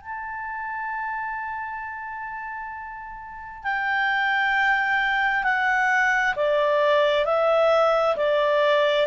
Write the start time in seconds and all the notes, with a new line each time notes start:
0.00 A5
3.64 G5
5.43 F#5
6.36 D5
7.25 E5
8.17 D5